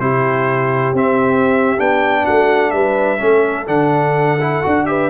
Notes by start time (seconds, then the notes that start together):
0.00 C3 E4 G4 C5
0.93 C4 E5
1.77 B3 D4 G5
2.24 A3 F#4 F#5
2.71 G3 B4 E5
3.19 A3 C#4 A4
3.68 D3 D4 F#5
4.41 E4
4.63 D4 F#4
4.86 G4 B4 E5